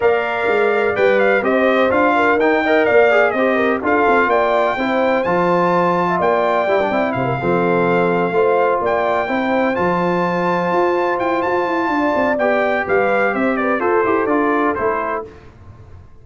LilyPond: <<
  \new Staff \with { instrumentName = "trumpet" } { \time 4/4 \tempo 4 = 126 f''2 g''8 f''8 dis''4 | f''4 g''4 f''4 dis''4 | f''4 g''2 a''4~ | a''4 g''2 f''4~ |
f''2~ f''8 g''4.~ | g''8 a''2. g''8 | a''2 g''4 f''4 | e''8 d''8 c''4 d''4 c''4 | }
  \new Staff \with { instrumentName = "horn" } { \time 4/4 d''2. c''4~ | c''8 ais'4 dis''8 d''4 c''8 ais'8 | a'4 d''4 c''2~ | c''8. e''16 d''2 c''16 ais'16 a'8~ |
a'4. c''4 d''4 c''8~ | c''1~ | c''4 d''2 b'4 | c''8 b'8 a'2. | }
  \new Staff \with { instrumentName = "trombone" } { \time 4/4 ais'2 b'4 g'4 | f'4 dis'8 ais'4 gis'8 g'4 | f'2 e'4 f'4~ | f'2 e'16 d'16 e'4 c'8~ |
c'4. f'2 e'8~ | e'8 f'2.~ f'8~ | f'2 g'2~ | g'4 a'8 g'8 f'4 e'4 | }
  \new Staff \with { instrumentName = "tuba" } { \time 4/4 ais4 gis4 g4 c'4 | d'4 dis'4 ais4 c'4 | d'8 c'8 ais4 c'4 f4~ | f4 ais4 g8 c'8 c8 f8~ |
f4. a4 ais4 c'8~ | c'8 f2 f'4 e'8 | f'8 e'8 d'8 c'8 b4 g4 | c'4 f'8 e'8 d'4 a4 | }
>>